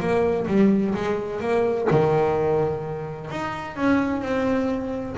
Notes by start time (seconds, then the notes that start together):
0.00 A#3
0.47 G3
0.94 G#3
1.40 A#3
1.91 D#3
3.31 D#4
3.76 C#4
4.22 C4